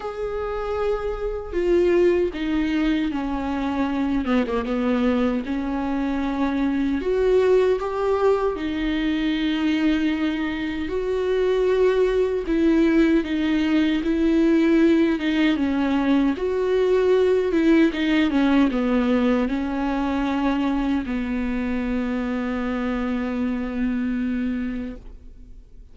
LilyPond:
\new Staff \with { instrumentName = "viola" } { \time 4/4 \tempo 4 = 77 gis'2 f'4 dis'4 | cis'4. b16 ais16 b4 cis'4~ | cis'4 fis'4 g'4 dis'4~ | dis'2 fis'2 |
e'4 dis'4 e'4. dis'8 | cis'4 fis'4. e'8 dis'8 cis'8 | b4 cis'2 b4~ | b1 | }